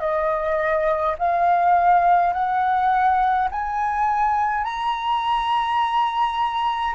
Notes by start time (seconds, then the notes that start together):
0.00 D#5
1.19 F5
2.33 F#5
3.51 G#5
4.64 A#5